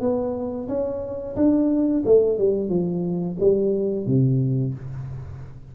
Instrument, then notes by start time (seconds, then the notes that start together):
tuba
0.00 B3
0.68 C#4
1.36 D4
2.05 A3
2.38 G3
2.69 F3
3.40 G3
4.06 C3